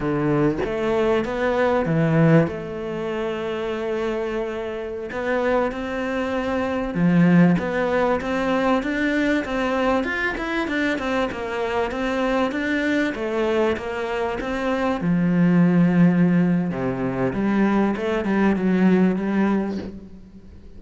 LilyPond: \new Staff \with { instrumentName = "cello" } { \time 4/4 \tempo 4 = 97 d4 a4 b4 e4 | a1~ | a16 b4 c'2 f8.~ | f16 b4 c'4 d'4 c'8.~ |
c'16 f'8 e'8 d'8 c'8 ais4 c'8.~ | c'16 d'4 a4 ais4 c'8.~ | c'16 f2~ f8. c4 | g4 a8 g8 fis4 g4 | }